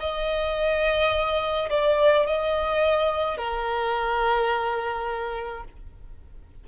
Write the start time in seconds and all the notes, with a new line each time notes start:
0.00 D#5
1.70 D5
2.26 D#5
3.37 A#4